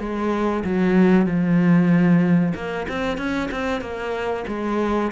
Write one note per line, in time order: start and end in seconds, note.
0.00 0.64 G#3
0.64 1.26 F#3
1.26 2.54 F3
2.55 2.87 A#3
2.88 3.18 C4
3.18 3.50 C#4
3.51 3.81 C4
3.81 4.45 A#3
4.48 5.12 G#3